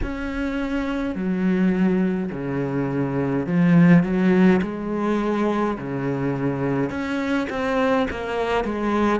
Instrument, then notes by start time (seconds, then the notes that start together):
cello
0.02 C#4
1.15 F#3
2.32 C#3
3.46 F3
4.03 F#3
4.62 G#3
5.77 C#3
6.90 C#4
7.49 C4
8.10 A#3
8.64 G#3